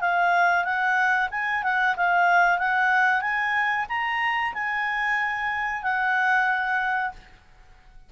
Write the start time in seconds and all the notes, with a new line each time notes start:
0.00 F5
0.64 F#5
1.30 G#5
1.63 F#5
1.96 F5
2.58 F#5
3.21 G#5
3.89 A#5
4.53 G#5
5.83 F#5